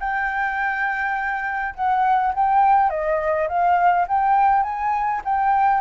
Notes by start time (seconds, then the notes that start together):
0.00 G5
1.75 F#5
2.34 G5
2.90 D#5
3.48 F5
4.08 G5
4.63 G#5
5.25 G5